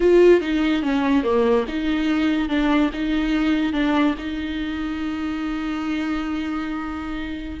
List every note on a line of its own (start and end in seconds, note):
0.00 0.40 F4
0.40 0.82 D#4
0.82 1.23 C#4
1.23 1.65 A#3
1.68 2.48 D#4
2.48 2.90 D4
2.93 3.73 D#4
3.73 4.14 D4
4.18 7.60 D#4